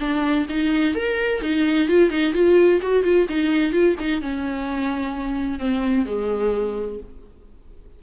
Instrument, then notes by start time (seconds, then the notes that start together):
viola
0.00 D4
0.50 D#4
0.95 A#4
1.42 D#4
1.89 F4
2.10 D#4
2.34 F4
2.82 F#4
3.04 F4
3.29 D#4
3.72 F4
4.00 D#4
4.22 C#4
5.60 C4
6.06 G#3